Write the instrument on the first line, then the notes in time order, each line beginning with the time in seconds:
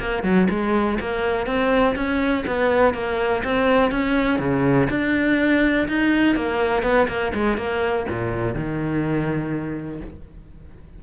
cello
0.00 A#3
0.24 F#3
0.51 G#3
1.01 A#3
1.47 C4
1.96 C#4
2.47 B3
2.94 A#3
3.45 C4
3.92 C#4
4.40 C#3
4.90 D4
5.88 D#4
6.36 A#3
6.83 B3
7.09 A#3
7.35 G#3
7.58 A#3
8.10 A#2
8.55 D#3